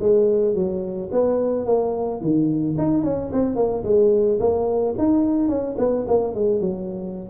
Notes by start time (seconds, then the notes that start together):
0.00 G#3
0.55 F#3
1.12 B3
1.66 A#3
2.21 D#3
2.78 D#4
3.04 C#4
3.33 C4
3.56 A#3
3.84 G#3
4.40 A#3
4.98 D#4
5.48 C#4
5.78 B3
6.08 A#3
6.35 G#3
6.61 F#3